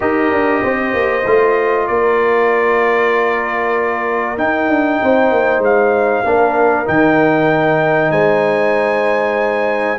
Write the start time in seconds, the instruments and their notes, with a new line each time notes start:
0.00 tuba D#4, trombone G4, horn A#4, trumpet D#5
0.31 tuba D4
0.62 tuba C4, horn C5
0.93 tuba A#3
1.26 tuba A3, trombone F4
1.87 tuba A#3, horn A#4, trumpet D5
4.37 trombone D#4, tuba D#4, trumpet G5
4.68 tuba D4
5.01 tuba C4, horn C5
5.31 tuba A#3
5.58 tuba G#3, trumpet F5
6.24 tuba A#3, trombone D4, horn A#4
6.85 tuba D#3, trombone D#4, trumpet G5
8.10 tuba G#3, horn C5, trumpet G#5